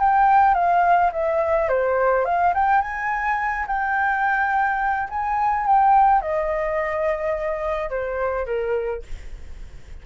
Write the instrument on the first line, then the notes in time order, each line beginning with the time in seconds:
flute
0.00 G5
0.55 F5
1.13 E5
1.69 C5
2.26 F5
2.55 G5
2.82 G#5
3.67 G5
5.10 G#5
5.67 G5
6.22 D#5
7.90 C5
8.46 A#4